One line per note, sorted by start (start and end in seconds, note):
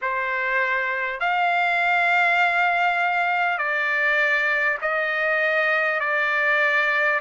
0.01 1.19 C5
1.19 3.57 F5
3.57 4.77 D5
4.81 6.00 D#5
6.00 7.20 D5